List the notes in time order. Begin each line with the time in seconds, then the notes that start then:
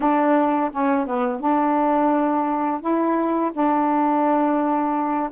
0.00 D4
0.71 C#4
1.06 B3
1.40 D4
2.80 E4
3.53 D4